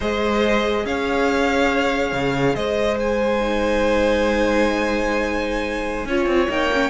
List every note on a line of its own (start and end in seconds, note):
0.00 0.84 G#3
0.00 3.40 G#4
0.00 0.85 C5
0.00 0.86 D#5
0.84 2.12 C#4
0.84 2.56 C#5
0.84 2.55 F5
2.12 2.55 C#3
2.55 6.05 G#3
2.55 6.07 C5
2.55 2.97 D#5
2.99 6.50 G#5
3.40 6.06 D#4
6.05 6.26 C#4
6.05 6.48 F4
6.05 6.89 C#5
6.26 6.47 C4
6.48 6.89 A#3
6.48 6.70 D#4
6.48 6.89 G5
6.72 6.89 C#4